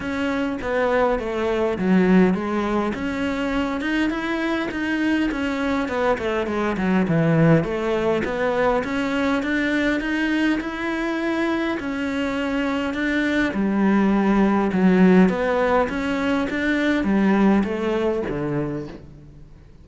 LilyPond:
\new Staff \with { instrumentName = "cello" } { \time 4/4 \tempo 4 = 102 cis'4 b4 a4 fis4 | gis4 cis'4. dis'8 e'4 | dis'4 cis'4 b8 a8 gis8 fis8 | e4 a4 b4 cis'4 |
d'4 dis'4 e'2 | cis'2 d'4 g4~ | g4 fis4 b4 cis'4 | d'4 g4 a4 d4 | }